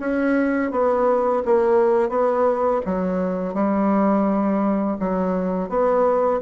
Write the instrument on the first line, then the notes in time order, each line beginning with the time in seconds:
bassoon
0.00 C#4
0.72 B3
1.45 A#3
2.10 B3
2.86 F#3
3.55 G3
5.00 F#3
5.69 B3